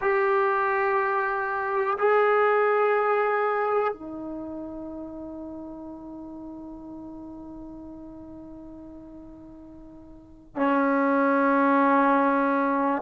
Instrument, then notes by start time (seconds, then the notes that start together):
trombone
0.00 G4
1.98 G#4
3.93 D#4
10.56 C#4